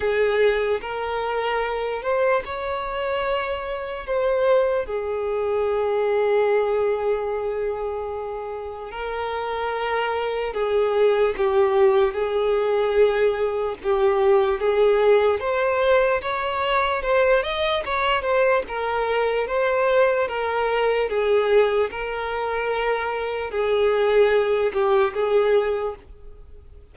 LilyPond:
\new Staff \with { instrumentName = "violin" } { \time 4/4 \tempo 4 = 74 gis'4 ais'4. c''8 cis''4~ | cis''4 c''4 gis'2~ | gis'2. ais'4~ | ais'4 gis'4 g'4 gis'4~ |
gis'4 g'4 gis'4 c''4 | cis''4 c''8 dis''8 cis''8 c''8 ais'4 | c''4 ais'4 gis'4 ais'4~ | ais'4 gis'4. g'8 gis'4 | }